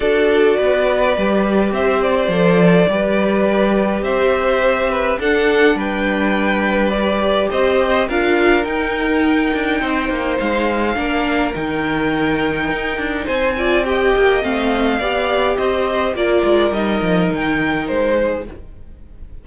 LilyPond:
<<
  \new Staff \with { instrumentName = "violin" } { \time 4/4 \tempo 4 = 104 d''2. e''8 d''8~ | d''2. e''4~ | e''4 fis''4 g''2 | d''4 dis''4 f''4 g''4~ |
g''2 f''2 | g''2. gis''4 | g''4 f''2 dis''4 | d''4 dis''4 g''4 c''4 | }
  \new Staff \with { instrumentName = "violin" } { \time 4/4 a'4 b'2 c''4~ | c''4 b'2 c''4~ | c''8 b'8 a'4 b'2~ | b'4 c''4 ais'2~ |
ais'4 c''2 ais'4~ | ais'2. c''8 d''8 | dis''2 d''4 c''4 | ais'2.~ ais'8 gis'8 | }
  \new Staff \with { instrumentName = "viola" } { \time 4/4 fis'2 g'2 | a'4 g'2.~ | g'4 d'2. | g'2 f'4 dis'4~ |
dis'2. d'4 | dis'2.~ dis'8 f'8 | g'4 c'4 g'2 | f'4 dis'2. | }
  \new Staff \with { instrumentName = "cello" } { \time 4/4 d'4 b4 g4 c'4 | f4 g2 c'4~ | c'4 d'4 g2~ | g4 c'4 d'4 dis'4~ |
dis'8 d'8 c'8 ais8 gis4 ais4 | dis2 dis'8 d'8 c'4~ | c'8 ais8 a4 b4 c'4 | ais8 gis8 g8 f8 dis4 gis4 | }
>>